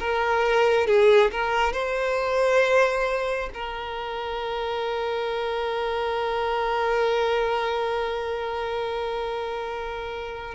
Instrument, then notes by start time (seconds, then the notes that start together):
violin
0.00 A#4
0.87 G#4
1.32 A#4
1.73 C5
3.54 A#4